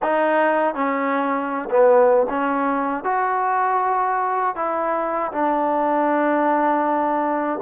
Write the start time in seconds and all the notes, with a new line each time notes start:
0.02 D#4
0.74 C#4
1.70 B3
2.29 C#4
3.04 F#4
4.55 E4
5.32 D4